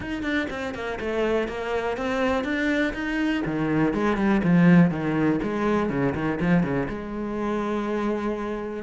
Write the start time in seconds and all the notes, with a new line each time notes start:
0.00 D#4
0.22 D4
0.50 C4
0.74 A#3
1.00 A3
1.48 A#3
1.97 C4
2.44 D4
2.93 D#4
3.45 D#3
3.93 G#3
4.16 G3
4.43 F3
4.90 D#3
5.42 G#3
5.89 C#3
6.14 D#3
6.40 F3
6.63 C#3
6.88 G#3